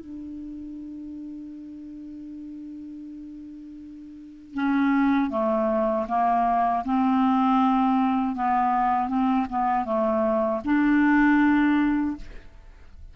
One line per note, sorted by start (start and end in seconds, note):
0.00 4.54 D4
4.54 5.30 C#4
5.30 6.06 A3
6.08 6.84 A#3
6.85 8.35 C4
8.35 9.09 B3
9.09 9.47 C4
9.50 9.85 B3
9.85 10.61 A3
10.64 12.16 D4